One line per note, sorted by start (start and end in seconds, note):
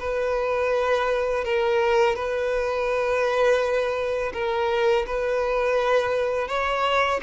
0.00 1.45 B4
1.45 2.16 A#4
2.16 4.33 B4
4.34 5.06 A#4
5.07 6.48 B4
6.48 7.21 C#5